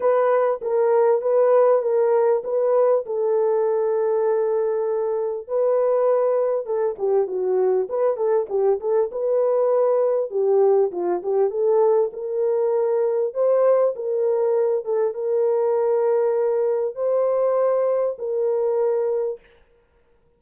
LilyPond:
\new Staff \with { instrumentName = "horn" } { \time 4/4 \tempo 4 = 99 b'4 ais'4 b'4 ais'4 | b'4 a'2.~ | a'4 b'2 a'8 g'8 | fis'4 b'8 a'8 g'8 a'8 b'4~ |
b'4 g'4 f'8 g'8 a'4 | ais'2 c''4 ais'4~ | ais'8 a'8 ais'2. | c''2 ais'2 | }